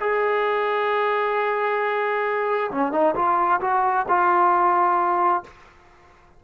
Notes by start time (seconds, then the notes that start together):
0.00 G#4
2.71 C#4
2.92 D#4
3.15 F4
3.60 F#4
4.08 F4